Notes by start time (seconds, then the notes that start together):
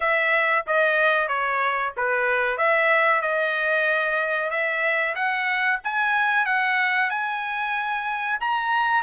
0.00 E5
0.66 D#5
1.28 C#5
1.96 B4
2.57 E5
3.21 D#5
4.50 E5
5.15 F#5
5.84 G#5
6.45 F#5
7.10 G#5
8.40 A#5